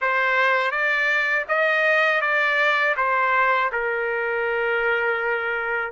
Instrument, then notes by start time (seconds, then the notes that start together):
trumpet
0.01 C5
0.71 D5
1.48 D#5
2.21 D5
2.96 C5
3.72 A#4